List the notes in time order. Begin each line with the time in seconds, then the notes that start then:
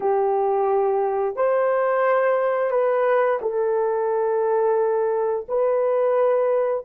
0.00 G4
1.36 C5
2.71 B4
3.41 A4
5.48 B4